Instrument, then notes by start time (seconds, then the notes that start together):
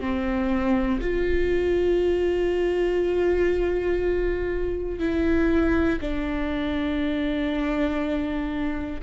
viola
0.00 C4
1.00 F4
5.00 E4
6.00 D4